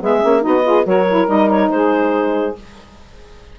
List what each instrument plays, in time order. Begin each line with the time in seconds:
0.00 bassoon G#3, saxophone B3 G#4, clarinet E5
0.21 bassoon A#3, saxophone C#4
0.40 bassoon B3, saxophone D#4 F#4, clarinet D#5
0.62 saxophone F4 G#4
0.84 bassoon F#3, saxophone F#4 A#4, clarinet C#5
1.08 saxophone E4
1.28 bassoon G3, saxophone D#4, clarinet D#5
1.50 clarinet C#5
1.69 bassoon G#3, saxophone G#4, clarinet C5